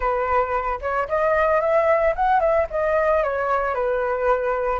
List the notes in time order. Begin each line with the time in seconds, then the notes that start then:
0.00 B4
0.81 C#5
1.08 D#5
1.60 E5
2.15 F#5
2.40 E5
2.70 D#5
3.23 C#5
3.74 B4